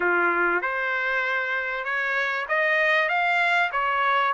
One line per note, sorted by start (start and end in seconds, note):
0.00 0.61 F4
0.61 1.84 C5
1.84 2.46 C#5
2.48 3.08 D#5
3.08 3.70 F5
3.71 4.33 C#5